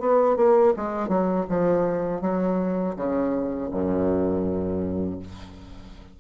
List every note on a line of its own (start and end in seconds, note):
0.00 0.37 B3
0.37 0.74 A#3
0.76 1.08 G#3
1.08 1.45 F#3
1.49 2.22 F3
2.22 2.96 F#3
2.96 3.70 C#3
3.71 5.20 F#2